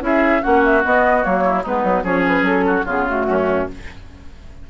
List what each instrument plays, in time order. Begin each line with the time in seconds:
0.00 bassoon C#4, clarinet E4, oboe G#4, flute E5
0.42 bassoon A#3, clarinet C#4, oboe F#4, flute F#5
0.64 flute E5
0.83 clarinet B3, bassoon B3, flute D#5
1.21 bassoon F#3, clarinet A#3, flute C#5
1.44 oboe E4
1.62 bassoon G#3, clarinet B3, oboe D#4, flute B4
1.83 bassoon F#3
2.03 bassoon F3, clarinet C#4, oboe G#4, flute C#5
2.27 flute B4
2.41 bassoon F#3, flute A4
2.66 oboe F#4
2.85 bassoon C#3, clarinet B3, oboe F4, flute G#4
3.07 clarinet A3, flute F#4
3.28 bassoon F#2, oboe C#4